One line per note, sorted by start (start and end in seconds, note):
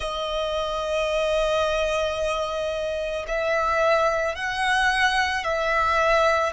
0.00 3.25 D#5
3.27 4.35 E5
4.35 5.43 F#5
5.43 6.53 E5